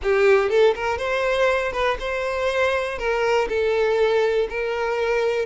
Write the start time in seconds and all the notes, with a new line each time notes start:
0.02 G4
0.49 A4
0.75 A#4
0.98 C5
1.72 B4
1.99 C5
2.98 A#4
3.48 A4
4.49 A#4